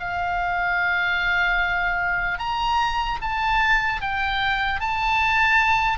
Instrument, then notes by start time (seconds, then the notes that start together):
oboe
0.00 F5
2.39 A#5
3.21 A5
4.01 G5
4.80 A5